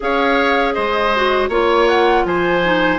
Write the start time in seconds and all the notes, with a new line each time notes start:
0.00 C#4 G#4 C#5 F5
0.73 G#3 C5 D#5
1.15 F#4
1.48 A#3 F4 C#5
1.88 F#5
2.24 F3 C5 G#5
2.63 D#4